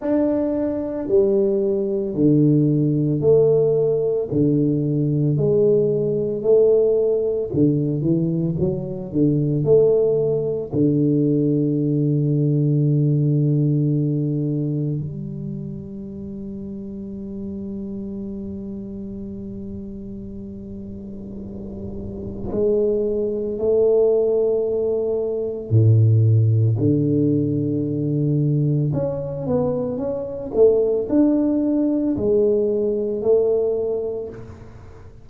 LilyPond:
\new Staff \with { instrumentName = "tuba" } { \time 4/4 \tempo 4 = 56 d'4 g4 d4 a4 | d4 gis4 a4 d8 e8 | fis8 d8 a4 d2~ | d2 g2~ |
g1~ | g4 gis4 a2 | a,4 d2 cis'8 b8 | cis'8 a8 d'4 gis4 a4 | }